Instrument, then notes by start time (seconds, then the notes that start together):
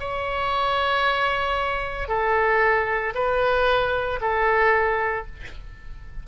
oboe
0.00 C#5
2.08 A4
3.15 B4
4.21 A4